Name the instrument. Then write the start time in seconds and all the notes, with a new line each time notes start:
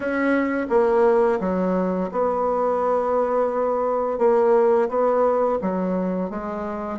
bassoon
0.00 C#4
0.69 A#3
1.40 F#3
2.11 B3
4.18 A#3
4.88 B3
5.61 F#3
6.30 G#3